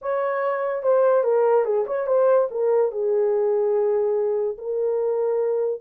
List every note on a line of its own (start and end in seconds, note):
0.01 0.82 C#5
0.82 1.23 C5
1.23 1.64 A#4
1.64 1.85 G#4
1.86 2.07 C#5
2.07 2.48 C5
2.50 2.91 A#4
2.91 4.57 G#4
4.58 5.80 A#4